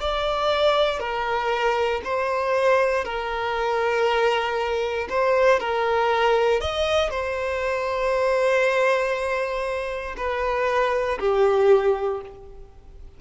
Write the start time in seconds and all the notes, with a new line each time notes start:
0.00 D5
0.99 A#4
2.04 C5
3.04 A#4
5.09 C5
5.60 A#4
6.60 D#5
7.10 C5
10.16 B4
11.19 G4